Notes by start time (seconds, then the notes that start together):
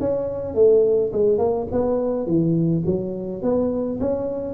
0.00 C#4
0.55 A3
1.12 G#3
1.38 A#3
1.72 B3
2.26 E3
2.86 F#3
3.42 B3
4.01 C#4